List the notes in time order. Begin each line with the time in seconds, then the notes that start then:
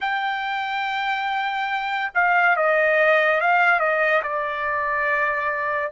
0.00 G5
2.14 F5
2.56 D#5
3.40 F5
3.79 D#5
4.23 D5